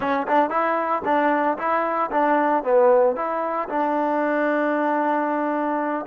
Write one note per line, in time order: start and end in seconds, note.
0.00 0.26 C#4
0.27 0.50 D4
0.50 1.02 E4
1.05 1.57 D4
1.58 2.10 E4
2.11 2.63 D4
2.63 3.16 B3
3.16 3.68 E4
3.68 6.05 D4